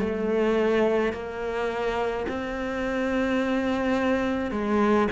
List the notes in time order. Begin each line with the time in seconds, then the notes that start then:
0.00 A3
1.13 A#3
2.28 C4
4.51 G#3